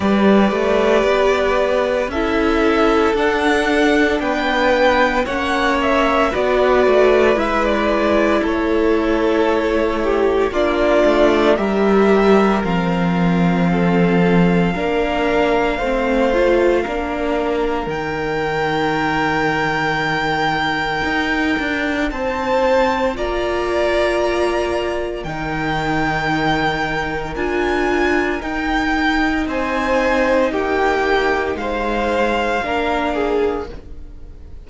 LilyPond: <<
  \new Staff \with { instrumentName = "violin" } { \time 4/4 \tempo 4 = 57 d''2 e''4 fis''4 | g''4 fis''8 e''8 d''4 e''16 d''8. | cis''2 d''4 e''4 | f''1~ |
f''4 g''2.~ | g''4 a''4 ais''2 | g''2 gis''4 g''4 | gis''4 g''4 f''2 | }
  \new Staff \with { instrumentName = "violin" } { \time 4/4 b'2 a'2 | b'4 cis''4 b'2 | a'4. g'8 f'4 ais'4~ | ais'4 a'4 ais'4 c''4 |
ais'1~ | ais'4 c''4 d''2 | ais'1 | c''4 g'4 c''4 ais'8 gis'8 | }
  \new Staff \with { instrumentName = "viola" } { \time 4/4 g'2 e'4 d'4~ | d'4 cis'4 fis'4 e'4~ | e'2 d'4 g'4 | c'2 d'4 c'8 f'8 |
d'4 dis'2.~ | dis'2 f'2 | dis'2 f'4 dis'4~ | dis'2. d'4 | }
  \new Staff \with { instrumentName = "cello" } { \time 4/4 g8 a8 b4 cis'4 d'4 | b4 ais4 b8 a8 gis4 | a2 ais8 a8 g4 | f2 ais4 a4 |
ais4 dis2. | dis'8 d'8 c'4 ais2 | dis2 d'4 dis'4 | c'4 ais4 gis4 ais4 | }
>>